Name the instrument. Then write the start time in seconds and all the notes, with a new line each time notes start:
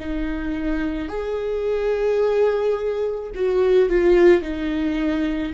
viola
0.00 D#4
1.09 G#4
3.35 F#4
3.90 F4
4.42 D#4